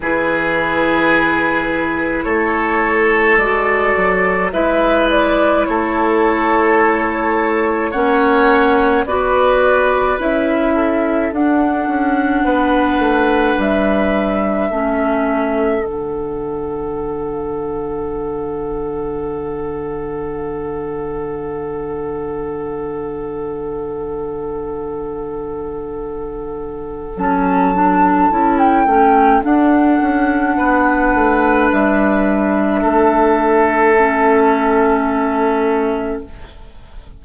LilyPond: <<
  \new Staff \with { instrumentName = "flute" } { \time 4/4 \tempo 4 = 53 b'2 cis''4 d''4 | e''8 d''8 cis''2 fis''4 | d''4 e''4 fis''2 | e''2 fis''2~ |
fis''1~ | fis''1 | a''4~ a''16 g''8. fis''2 | e''1 | }
  \new Staff \with { instrumentName = "oboe" } { \time 4/4 gis'2 a'2 | b'4 a'2 cis''4 | b'4. a'4. b'4~ | b'4 a'2.~ |
a'1~ | a'1~ | a'2. b'4~ | b'4 a'2. | }
  \new Staff \with { instrumentName = "clarinet" } { \time 4/4 e'2. fis'4 | e'2. cis'4 | fis'4 e'4 d'2~ | d'4 cis'4 d'2~ |
d'1~ | d'1 | cis'8 d'8 e'8 cis'8 d'2~ | d'2 cis'2 | }
  \new Staff \with { instrumentName = "bassoon" } { \time 4/4 e2 a4 gis8 fis8 | gis4 a2 ais4 | b4 cis'4 d'8 cis'8 b8 a8 | g4 a4 d2~ |
d1~ | d1 | fis4 cis'8 a8 d'8 cis'8 b8 a8 | g4 a2. | }
>>